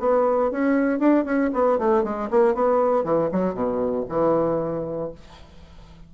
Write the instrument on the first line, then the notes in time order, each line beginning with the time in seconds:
bassoon
0.00 B3
0.52 C#4
0.99 D4
1.25 C#4
1.53 B3
1.79 A3
2.04 G#3
2.31 A#3
2.55 B3
3.04 E3
3.32 F#3
3.54 B2
4.09 E3